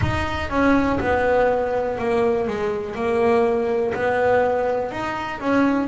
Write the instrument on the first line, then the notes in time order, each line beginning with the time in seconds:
double bass
0.00 D#4
0.50 C#4
1.00 B3
1.98 A#3
2.47 G#3
2.95 A#3
3.94 B3
4.91 D#4
5.40 C#4